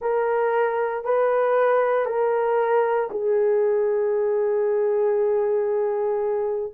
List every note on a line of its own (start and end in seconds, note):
0.01 1.04 A#4
1.04 2.05 B4
2.05 3.09 A#4
3.10 6.72 G#4